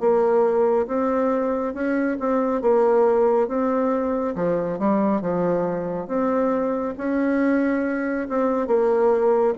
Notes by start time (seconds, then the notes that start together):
0.00 A#3
0.87 C4
1.74 C#4
2.20 C4
2.62 A#3
3.48 C4
4.35 F3
4.79 G3
5.21 F3
6.08 C4
6.98 C#4
8.29 C4
8.67 A#3